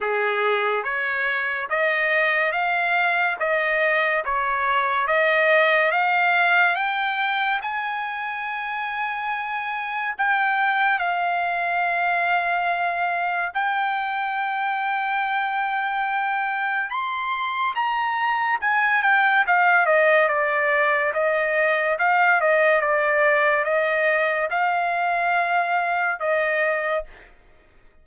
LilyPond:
\new Staff \with { instrumentName = "trumpet" } { \time 4/4 \tempo 4 = 71 gis'4 cis''4 dis''4 f''4 | dis''4 cis''4 dis''4 f''4 | g''4 gis''2. | g''4 f''2. |
g''1 | c'''4 ais''4 gis''8 g''8 f''8 dis''8 | d''4 dis''4 f''8 dis''8 d''4 | dis''4 f''2 dis''4 | }